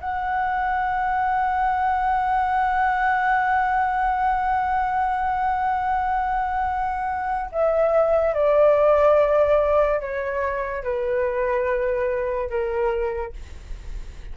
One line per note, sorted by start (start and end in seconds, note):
0.00 7.50 F#5
7.52 8.34 E5
8.34 10.00 D5
10.00 10.84 C#5
10.84 12.50 B4
12.50 13.33 A#4